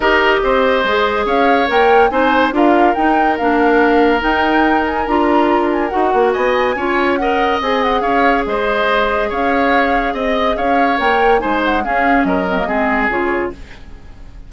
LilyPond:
<<
  \new Staff \with { instrumentName = "flute" } { \time 4/4 \tempo 4 = 142 dis''2. f''4 | g''4 gis''4 f''4 g''4 | f''2 g''4. gis''8 | ais''4. gis''8 fis''4 gis''4~ |
gis''4 fis''4 gis''8 fis''8 f''4 | dis''2 f''2 | dis''4 f''4 g''4 gis''8 fis''8 | f''4 dis''2 cis''4 | }
  \new Staff \with { instrumentName = "oboe" } { \time 4/4 ais'4 c''2 cis''4~ | cis''4 c''4 ais'2~ | ais'1~ | ais'2. dis''4 |
cis''4 dis''2 cis''4 | c''2 cis''2 | dis''4 cis''2 c''4 | gis'4 ais'4 gis'2 | }
  \new Staff \with { instrumentName = "clarinet" } { \time 4/4 g'2 gis'2 | ais'4 dis'4 f'4 dis'4 | d'2 dis'2 | f'2 fis'2 |
f'4 ais'4 gis'2~ | gis'1~ | gis'2 ais'4 dis'4 | cis'4. c'16 ais16 c'4 f'4 | }
  \new Staff \with { instrumentName = "bassoon" } { \time 4/4 dis'4 c'4 gis4 cis'4 | ais4 c'4 d'4 dis'4 | ais2 dis'2 | d'2 dis'8 ais8 b4 |
cis'2 c'4 cis'4 | gis2 cis'2 | c'4 cis'4 ais4 gis4 | cis'4 fis4 gis4 cis4 | }
>>